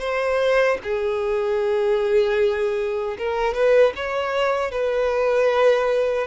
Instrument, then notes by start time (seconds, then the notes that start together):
violin
0.00 C5
0.83 G#4
3.18 A#4
3.54 B4
3.96 C#5
4.71 B4